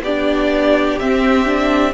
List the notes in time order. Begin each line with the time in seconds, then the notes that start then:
0.00 B3 D4 G4 D5
0.98 C4 E5
1.45 D4